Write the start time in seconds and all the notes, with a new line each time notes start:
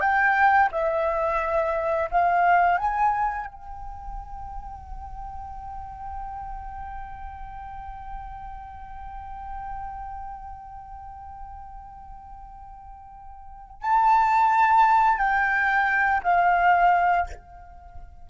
0.00 G5
0.71 E5
2.10 F5
2.77 G#5
3.47 G5
13.81 A5
15.18 G5
16.23 F5